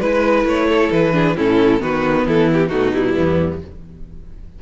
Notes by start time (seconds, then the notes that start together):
0.00 G#3 E4 B4
0.44 A3 C#5
0.69 A4
0.92 E3 B4
1.13 D4 G#4
1.37 A2 C#4 E4 A4
1.80 D#3 B3 F#4 B4
2.27 E3 E4 A4
2.54 G4
2.69 B2 A3 D#4 F#4
2.94 G3 E4
3.15 E2 B3